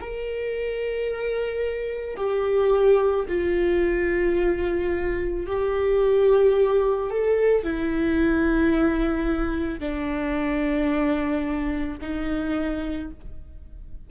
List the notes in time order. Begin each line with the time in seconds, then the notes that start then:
0.00 A#4
2.16 G4
3.28 F4
5.46 G4
7.10 A4
7.64 E4
9.79 D4
12.01 D#4